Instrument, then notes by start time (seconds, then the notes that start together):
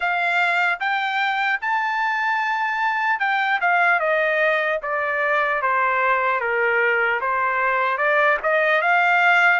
trumpet
0.00 F5
0.80 G5
1.61 A5
3.19 G5
3.60 F5
3.99 D#5
4.82 D5
5.61 C5
6.40 A#4
7.20 C5
7.97 D5
8.43 D#5
8.81 F5